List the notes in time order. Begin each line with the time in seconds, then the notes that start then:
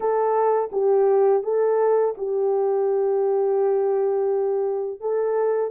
0.00 A4
0.71 G4
1.43 A4
2.17 G4
5.00 A4